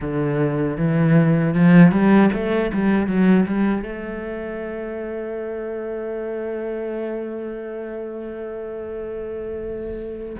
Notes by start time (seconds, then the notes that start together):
0.00 D3
0.77 E3
1.53 F3
1.91 G3
2.33 A3
2.72 G3
3.07 F#3
3.46 G3
3.82 A3